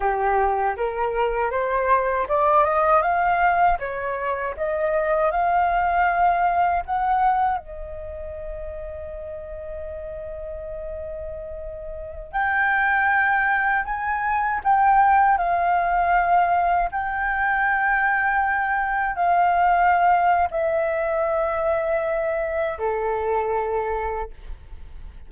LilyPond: \new Staff \with { instrumentName = "flute" } { \time 4/4 \tempo 4 = 79 g'4 ais'4 c''4 d''8 dis''8 | f''4 cis''4 dis''4 f''4~ | f''4 fis''4 dis''2~ | dis''1~ |
dis''16 g''2 gis''4 g''8.~ | g''16 f''2 g''4.~ g''16~ | g''4~ g''16 f''4.~ f''16 e''4~ | e''2 a'2 | }